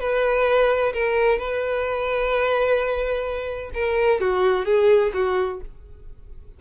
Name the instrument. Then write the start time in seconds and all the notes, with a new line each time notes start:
violin
0.00 B4
0.93 A#4
1.38 B4
3.74 A#4
4.21 F#4
4.65 G#4
5.14 F#4